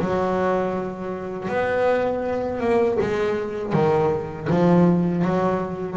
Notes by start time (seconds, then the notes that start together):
0.00 F#3
1.49 B3
2.60 A#3
3.01 G#3
3.73 D#3
4.50 F3
5.25 F#3